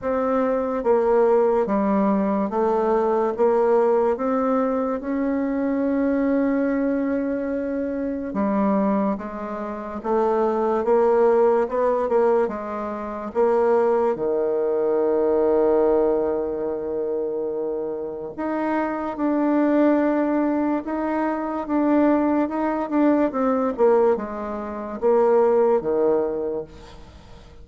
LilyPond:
\new Staff \with { instrumentName = "bassoon" } { \time 4/4 \tempo 4 = 72 c'4 ais4 g4 a4 | ais4 c'4 cis'2~ | cis'2 g4 gis4 | a4 ais4 b8 ais8 gis4 |
ais4 dis2.~ | dis2 dis'4 d'4~ | d'4 dis'4 d'4 dis'8 d'8 | c'8 ais8 gis4 ais4 dis4 | }